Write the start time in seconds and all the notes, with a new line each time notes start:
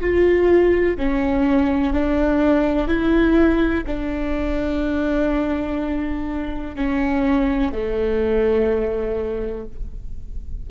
0.00 F4
0.97 C#4
1.93 D4
2.87 E4
3.86 D4
6.75 C#4
7.72 A3